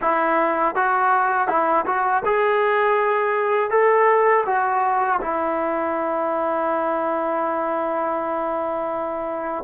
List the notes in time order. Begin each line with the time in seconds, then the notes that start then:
0.01 E4
0.75 F#4
1.48 E4
1.86 F#4
2.25 G#4
3.70 A4
4.45 F#4
5.21 E4